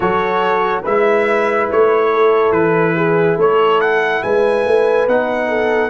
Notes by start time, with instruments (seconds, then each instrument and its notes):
0.00 tuba F#3, trombone F#4, horn A4, trumpet C#5
0.82 tuba G#3, trombone E4, horn B4, trumpet E5
1.70 tuba A3, trumpet C#5
2.12 horn A4
2.51 tuba E3, trumpet B4
2.95 horn G#4
3.37 tuba A3, horn A4, trumpet C#5
3.80 trumpet F#5
4.23 tuba G#3, horn B4, trumpet G#5
4.65 tuba A3
5.07 tuba B3, trombone D#4, trumpet F#5
5.48 horn A4